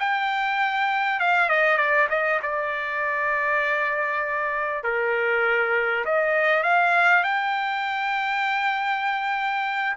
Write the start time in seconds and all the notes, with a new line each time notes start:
0.00 G5
1.20 F5
1.50 D#5
1.78 D5
2.10 D#5
2.43 D5
4.84 A#4
6.06 D#5
6.64 F5
7.24 G5